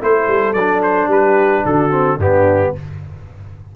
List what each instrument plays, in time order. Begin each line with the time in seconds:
0.00 tuba A3, trombone E4, horn A4, trumpet C5
0.27 tuba G3
0.53 tuba F#3, trombone D4, trumpet D5
0.82 trumpet C5
1.06 tuba G3, horn G4, trumpet B4
1.65 tuba D3, horn F#4, trumpet A4
1.90 trombone C4
2.17 tuba G2, trombone B3, horn D4, trumpet G4